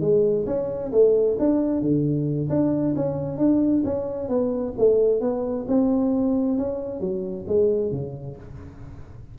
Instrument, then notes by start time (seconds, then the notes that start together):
tuba
0.00 G#3
0.46 C#4
0.91 A3
1.39 D4
1.81 D3
2.49 D4
2.95 C#4
3.38 D4
3.84 C#4
4.28 B3
4.77 A3
5.20 B3
5.67 C4
6.57 C#4
7.00 F#3
7.47 G#3
7.91 C#3